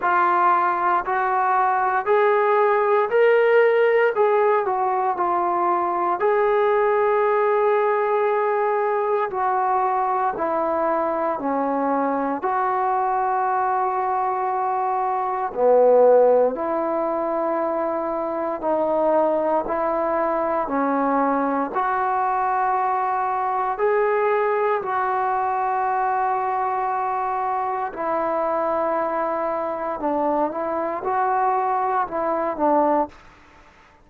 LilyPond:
\new Staff \with { instrumentName = "trombone" } { \time 4/4 \tempo 4 = 58 f'4 fis'4 gis'4 ais'4 | gis'8 fis'8 f'4 gis'2~ | gis'4 fis'4 e'4 cis'4 | fis'2. b4 |
e'2 dis'4 e'4 | cis'4 fis'2 gis'4 | fis'2. e'4~ | e'4 d'8 e'8 fis'4 e'8 d'8 | }